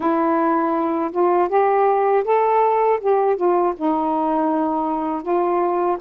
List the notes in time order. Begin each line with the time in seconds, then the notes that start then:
0.00 E4
1.11 F4
1.48 G4
2.24 A4
3.00 G4
3.36 F4
3.76 D#4
5.22 F4